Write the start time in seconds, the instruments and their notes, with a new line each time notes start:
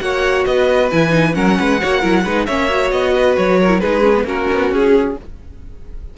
0.00 cello A#3, viola F#4, violin C#5 F#5
0.46 cello B3, violin B4 D#5
0.91 cello E3, viola E4, violin G#5
1.10 viola D#4
1.34 cello F#3, viola C#4, violin A#4 F#5
1.59 cello G#3, violin B4
1.81 cello A#3, viola F#4, violin C#5
2.00 cello F#3, viola E4, violin A#4
2.25 cello G#3, viola D#4, violin B4
2.46 cello A#3, viola C#4, violin C#5 E5
2.69 viola F#4
2.92 cello B3, violin D#5
3.16 violin B4
3.37 cello F#3, violin C#5
3.61 violin A#4
3.69 viola E4
3.80 cello G#3, viola D#4, violin G#4 B4
4.02 viola C#4
4.17 viola B3
4.24 cello A#3, viola C#4, violin F#4 A#4
4.53 cello B3
4.72 cello C#4, violin G#4